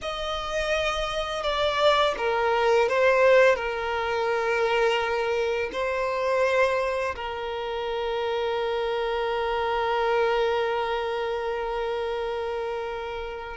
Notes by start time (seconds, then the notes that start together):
0.01 D#5
1.43 D5
2.17 A#4
2.88 C5
3.55 A#4
5.72 C5
7.15 A#4